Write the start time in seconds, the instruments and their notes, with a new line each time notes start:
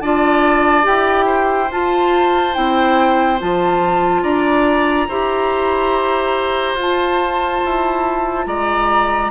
0.00 bassoon D4, clarinet F4, oboe D5, flute A5
0.82 bassoon E4, clarinet G4, flute G5
1.26 oboe C5
1.70 bassoon F4, clarinet F4, flute A5
2.53 bassoon C4, clarinet E4, flute G5
3.39 bassoon F3, clarinet F4, flute A5
4.22 bassoon D4, oboe D5, flute A#5
5.08 bassoon E4, clarinet G4, oboe C5
6.74 bassoon F4, clarinet F4
6.81 flute A5
7.64 bassoon E4
8.46 bassoon G#3, oboe D5, flute A#5